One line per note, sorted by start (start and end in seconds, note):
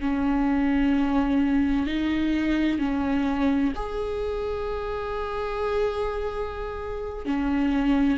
0.00 1.87 C#4
1.87 2.79 D#4
2.79 3.72 C#4
3.75 7.25 G#4
7.25 8.18 C#4